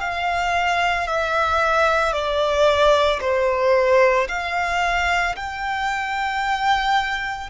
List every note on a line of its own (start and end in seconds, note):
0.00 1.07 F5
1.07 2.12 E5
2.12 3.19 D5
3.20 4.28 C5
4.28 5.35 F5
5.36 7.50 G5